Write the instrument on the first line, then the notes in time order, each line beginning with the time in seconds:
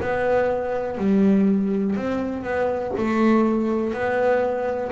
double bass
0.00 B3
0.97 G3
1.96 C4
2.43 B3
2.97 A3
3.93 B3